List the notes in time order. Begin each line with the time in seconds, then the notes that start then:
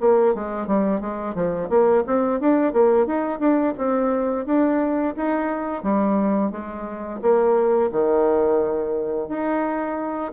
0.00 A#3
0.34 G#3
0.67 G3
1.01 G#3
1.34 F3
1.69 A#3
2.06 C4
2.40 D4
2.73 A#3
3.07 D#4
3.39 D4
3.78 C4
4.46 D4
5.16 D#4
5.83 G3
6.51 G#3
7.22 A#3
7.92 D#3
9.29 D#4